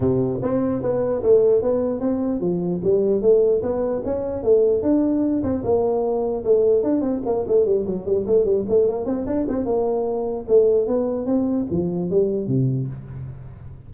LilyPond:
\new Staff \with { instrumentName = "tuba" } { \time 4/4 \tempo 4 = 149 c4 c'4 b4 a4 | b4 c'4 f4 g4 | a4 b4 cis'4 a4 | d'4. c'8 ais2 |
a4 d'8 c'8 ais8 a8 g8 fis8 | g8 a8 g8 a8 ais8 c'8 d'8 c'8 | ais2 a4 b4 | c'4 f4 g4 c4 | }